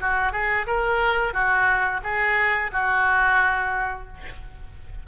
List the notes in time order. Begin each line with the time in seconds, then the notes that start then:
0.00 F#4
0.32 G#4
0.66 A#4
1.33 F#4
2.03 G#4
2.72 F#4